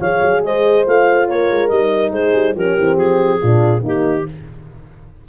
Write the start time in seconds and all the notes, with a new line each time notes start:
0.00 F3 G#4 C#5 F5
0.22 F#3
0.43 G#3 C5 D#5
0.86 A3 F4 F5
1.28 A#3 A#4 C#5
1.50 G#3
1.69 G3 D#4 D#5
2.11 G#3 G#4 C5
2.34 G3
2.55 F3 C#4 G4 A#4
2.77 E3 C4
2.97 F3 G#4
3.41 A#2 D4 F4
3.80 D#3 A#3 D#4 G4